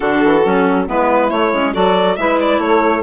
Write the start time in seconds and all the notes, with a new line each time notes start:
0.00 D3 D4 F#4 A4
0.23 E3
0.44 F#3 C#4
0.86 G#3 B3 E4 B4
1.28 A3 C#5
1.52 G#3 C#4
1.73 F#3 F#4 A4 D5
2.16 G#3 E4 B4 E5
2.40 D5
2.58 A3 A4 C#5